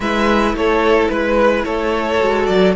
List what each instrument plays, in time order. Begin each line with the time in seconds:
0.00 cello G#3, viola E4, violin B4 E5
0.53 cello A3, violin A4 C#5
1.07 cello G#3, violin B4
1.64 cello A3, violin A4 C#5
2.19 cello G#3, viola F#4
2.45 cello F#3, violin D5